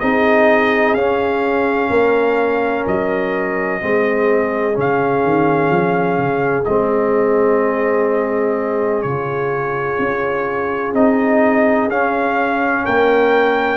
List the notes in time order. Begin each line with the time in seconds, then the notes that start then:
0.00 C4 D#4 G#4 D#5
0.94 C#4 F5
1.90 A#3 A#4
2.87 F#3 D#5
3.81 G#3 C4 G#4
4.73 C#3 C#4
4.80 F5
5.24 D#3
5.70 F3
6.18 C#3
6.64 G#3 C4 D#5
9.02 C#3 F4 C#5
9.99 C#4
10.93 C4 D#4 D#5
11.88 C#4 F5
12.84 A#3 A#4 G5